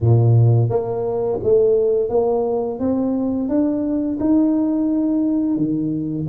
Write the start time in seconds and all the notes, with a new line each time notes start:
0.00 A#2
0.69 A#3
1.43 A3
2.09 A#3
2.79 C4
3.48 D4
4.20 D#4
5.57 D#3